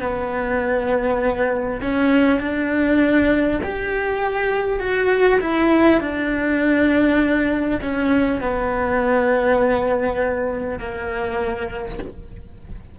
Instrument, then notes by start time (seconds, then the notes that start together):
cello
0.00 B3
1.81 C#4
2.39 D4
3.63 G4
4.79 F#4
5.40 E4
6.00 D4
7.81 C#4
8.40 B3
10.78 A#3